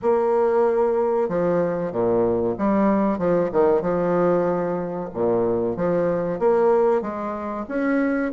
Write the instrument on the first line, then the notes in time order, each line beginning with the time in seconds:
bassoon
0.01 A#3
1.28 F3
1.91 A#2
2.57 G3
3.18 F3
3.52 D#3
3.81 F3
5.13 A#2
5.76 F3
6.39 A#3
7.01 G#3
7.68 C#4